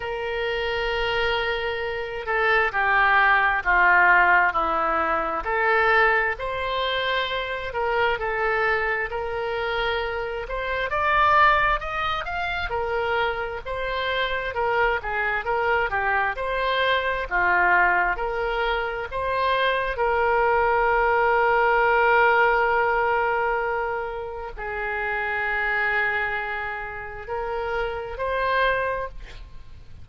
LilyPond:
\new Staff \with { instrumentName = "oboe" } { \time 4/4 \tempo 4 = 66 ais'2~ ais'8 a'8 g'4 | f'4 e'4 a'4 c''4~ | c''8 ais'8 a'4 ais'4. c''8 | d''4 dis''8 f''8 ais'4 c''4 |
ais'8 gis'8 ais'8 g'8 c''4 f'4 | ais'4 c''4 ais'2~ | ais'2. gis'4~ | gis'2 ais'4 c''4 | }